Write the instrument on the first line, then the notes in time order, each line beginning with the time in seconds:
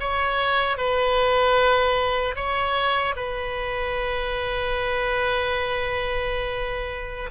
oboe
0.00 C#5
0.77 B4
2.36 C#5
3.16 B4